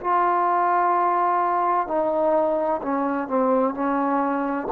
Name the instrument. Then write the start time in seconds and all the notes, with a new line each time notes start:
trombone
0.00 F4
1.87 D#4
2.82 C#4
3.28 C4
3.74 C#4